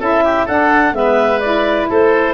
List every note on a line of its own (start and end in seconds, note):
0.00 0.48 C#4
0.00 0.47 E4
0.00 0.24 A4
0.00 0.48 E5
0.24 0.46 G4
0.46 0.92 D4
0.46 0.94 D4
0.46 0.93 A4
0.46 0.95 F#5
0.92 1.87 G#3
0.92 1.41 B3
0.92 1.40 E5
0.98 1.90 B4
1.40 2.34 E4
1.40 1.87 D5
1.89 2.34 A3
1.89 2.34 A4
1.89 2.34 C5